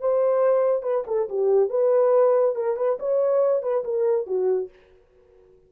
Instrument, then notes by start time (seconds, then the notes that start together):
horn
0.00 C5
0.83 B4
1.07 A4
1.29 G4
1.69 B4
2.55 A#4
2.77 B4
3.00 C#5
3.63 B4
3.84 A#4
4.27 F#4